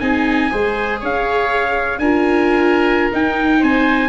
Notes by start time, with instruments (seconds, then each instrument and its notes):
0.00 tuba C4, viola D#4, oboe G#4, trumpet G#5
0.51 tuba G#3, viola G#4, oboe C5
1.01 tuba C#4, oboe C#5, trumpet F5
1.99 tuba D4, viola F4, oboe A#4, trumpet G#5
3.12 viola D#4, tuba D#4, trumpet G5
3.60 tuba C4, oboe C5, trumpet G#5